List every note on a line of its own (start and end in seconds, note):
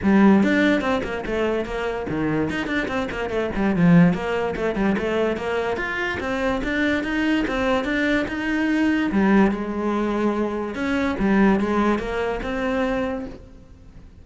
0.02 0.43 G3
0.43 0.81 D4
0.81 1.01 C4
1.03 1.24 A#3
1.26 1.65 A3
1.65 2.06 A#3
2.09 2.50 D#3
2.50 2.66 D#4
2.66 2.87 D4
2.87 3.08 C4
3.11 3.29 A#3
3.29 3.50 A3
3.55 3.76 G3
3.76 4.13 F3
4.13 4.55 A#3
4.56 4.75 A3
4.75 4.96 G3
4.97 5.36 A3
5.36 5.76 A#3
5.76 6.18 F4
6.20 6.61 C4
6.63 7.03 D4
7.03 7.45 D#4
7.47 7.84 C4
7.84 8.26 D4
8.28 9.11 D#4
9.11 9.51 G3
9.51 10.74 G#3
10.74 11.16 C#4
11.19 11.60 G3
11.60 11.98 G#3
11.98 12.40 A#3
12.43 13.25 C4